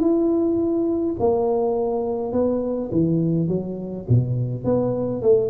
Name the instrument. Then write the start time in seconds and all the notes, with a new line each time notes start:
tuba
0.00 E4
1.20 A#3
2.33 B3
2.92 E3
3.48 F#3
4.09 B2
4.65 B3
5.22 A3